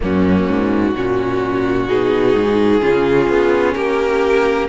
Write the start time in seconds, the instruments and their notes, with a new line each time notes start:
0.00 cello F#2, viola A#3, violin C#4 F#4
0.47 cello G#2
0.94 cello A#2, viola C#4, violin F#4
1.88 cello B2, viola D#4, violin G#4
2.34 cello G#2
2.80 cello C#3, viola C#4, violin F4
3.28 cello B3
3.74 cello A#3, violin G4 A#4